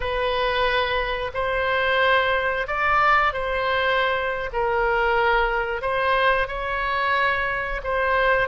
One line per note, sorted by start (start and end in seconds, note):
0.00 1.31 B4
1.33 2.67 C5
2.67 3.33 D5
3.33 4.50 C5
4.52 5.81 A#4
5.81 6.47 C5
6.47 7.81 C#5
7.83 8.48 C5